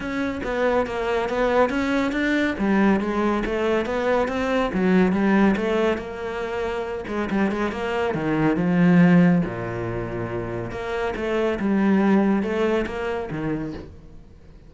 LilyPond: \new Staff \with { instrumentName = "cello" } { \time 4/4 \tempo 4 = 140 cis'4 b4 ais4 b4 | cis'4 d'4 g4 gis4 | a4 b4 c'4 fis4 | g4 a4 ais2~ |
ais8 gis8 g8 gis8 ais4 dis4 | f2 ais,2~ | ais,4 ais4 a4 g4~ | g4 a4 ais4 dis4 | }